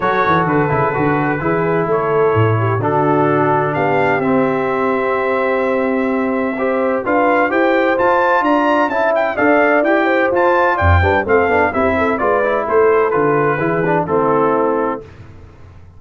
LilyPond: <<
  \new Staff \with { instrumentName = "trumpet" } { \time 4/4 \tempo 4 = 128 cis''4 b'2. | cis''2 a'2 | f''4 e''2.~ | e''2. f''4 |
g''4 a''4 ais''4 a''8 g''8 | f''4 g''4 a''4 g''4 | f''4 e''4 d''4 c''4 | b'2 a'2 | }
  \new Staff \with { instrumentName = "horn" } { \time 4/4 a'2. gis'4 | a'4. g'8 fis'2 | g'1~ | g'2 c''4 b'4 |
c''2 d''4 e''4 | d''4. c''4. d''8 b'8 | a'4 g'8 a'8 b'4 a'4~ | a'4 gis'4 e'2 | }
  \new Staff \with { instrumentName = "trombone" } { \time 4/4 fis'4. e'8 fis'4 e'4~ | e'2 d'2~ | d'4 c'2.~ | c'2 g'4 f'4 |
g'4 f'2 e'4 | a'4 g'4 f'4. d'8 | c'8 d'8 e'4 f'8 e'4. | f'4 e'8 d'8 c'2 | }
  \new Staff \with { instrumentName = "tuba" } { \time 4/4 fis8 e8 d8 cis8 d4 e4 | a4 a,4 d2 | b4 c'2.~ | c'2. d'4 |
e'4 f'4 d'4 cis'4 | d'4 e'4 f'4 f,8 g8 | a8 b8 c'4 gis4 a4 | d4 e4 a2 | }
>>